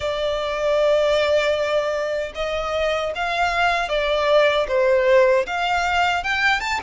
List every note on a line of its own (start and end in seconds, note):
0.00 2.32 D5
2.34 3.12 D#5
3.15 3.88 F5
3.88 4.66 D5
4.68 5.45 C5
5.46 6.23 F5
6.23 6.60 G5
6.60 6.80 A5